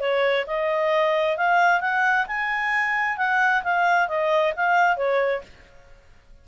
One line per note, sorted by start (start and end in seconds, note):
0.00 0.45 C#5
0.47 1.37 D#5
1.37 1.81 F5
1.81 2.26 F#5
2.27 3.18 G#5
3.18 3.63 F#5
3.64 4.08 F5
4.08 4.54 D#5
4.56 4.96 F5
4.96 5.42 C#5